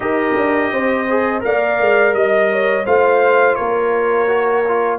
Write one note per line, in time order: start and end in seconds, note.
0.00 0.34 D#4
0.00 1.06 G4
0.00 0.72 A#4
0.00 1.43 D#5
0.36 0.71 D4
0.71 1.43 C4
0.71 1.43 C5
1.09 1.40 G#4
1.40 1.80 A#3
1.40 2.83 A#4
1.40 2.14 D5
1.40 2.14 F5
1.80 2.14 G#3
2.14 2.85 G3
2.14 2.85 D#5
2.14 2.50 D#5
2.52 2.85 C#5
2.85 3.58 A3
2.85 4.27 F4
2.85 3.56 C5
2.85 3.55 F5
3.55 4.98 A#3
3.55 4.98 A#4
3.55 4.97 C#5
4.27 4.63 F#4
4.67 4.98 F4